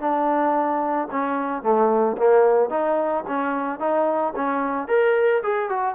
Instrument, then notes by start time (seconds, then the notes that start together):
trombone
0.00 D4
1.11 C#4
1.62 A3
2.17 A#3
2.70 D#4
3.27 C#4
3.79 D#4
4.36 C#4
4.88 A#4
5.43 G#4
5.69 F#4